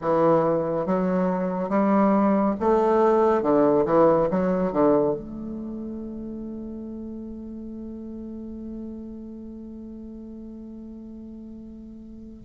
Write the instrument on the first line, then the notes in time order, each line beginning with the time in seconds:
bassoon
0.01 E3
0.86 F#3
1.69 G3
2.59 A3
3.42 D3
3.85 E3
4.30 F#3
4.72 D3
5.14 A3